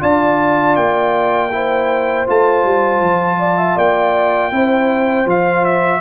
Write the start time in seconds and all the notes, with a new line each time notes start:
0.00 D4 F4 D5 A5
0.76 A#3 G5
1.52 E4 C5
2.27 A3 F4 A5
2.65 G3
3.01 F3
3.39 D5
3.58 E5
3.76 A#3 D5 G5
4.52 C4 E4 C5
5.26 F3 F4 F5
5.65 E5